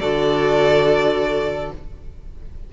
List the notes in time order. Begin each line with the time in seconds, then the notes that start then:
0.00 D3 F#4 A4 D5